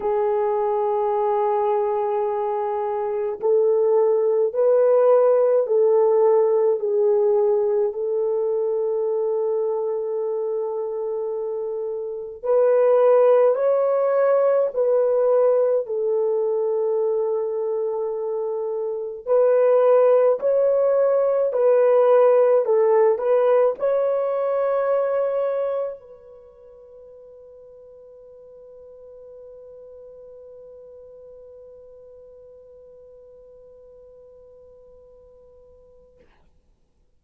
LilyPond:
\new Staff \with { instrumentName = "horn" } { \time 4/4 \tempo 4 = 53 gis'2. a'4 | b'4 a'4 gis'4 a'4~ | a'2. b'4 | cis''4 b'4 a'2~ |
a'4 b'4 cis''4 b'4 | a'8 b'8 cis''2 b'4~ | b'1~ | b'1 | }